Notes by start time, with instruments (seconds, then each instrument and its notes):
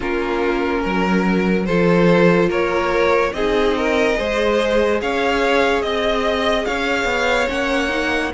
0.00 cello A#3, viola C#4, violin F4 A#4
0.81 cello F#3, violin A#4
1.65 cello F3, viola F4, violin A4 C5
2.48 cello A#3, violin A#4 C#5
3.32 cello C4, viola D#4, violin G#4 D#5
3.77 violin A#4
4.15 cello G#3, viola G#4, violin C5
5.01 cello C#4, violin C#5 F5
5.82 cello C4, violin D#5
6.65 cello C#4, violin C#5 F5
7.04 cello B3
7.47 cello A#3, viola C#4, violin F#5
7.89 viola D#4